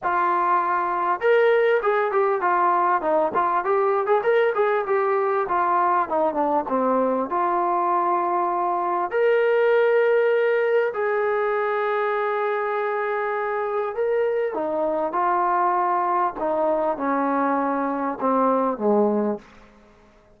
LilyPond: \new Staff \with { instrumentName = "trombone" } { \time 4/4 \tempo 4 = 99 f'2 ais'4 gis'8 g'8 | f'4 dis'8 f'8 g'8. gis'16 ais'8 gis'8 | g'4 f'4 dis'8 d'8 c'4 | f'2. ais'4~ |
ais'2 gis'2~ | gis'2. ais'4 | dis'4 f'2 dis'4 | cis'2 c'4 gis4 | }